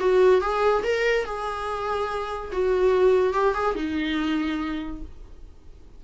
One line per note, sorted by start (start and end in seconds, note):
0.00 0.41 F#4
0.41 0.83 G#4
0.84 1.25 A#4
1.25 2.51 G#4
2.53 3.34 F#4
3.34 3.55 G4
3.55 3.76 G#4
3.76 5.02 D#4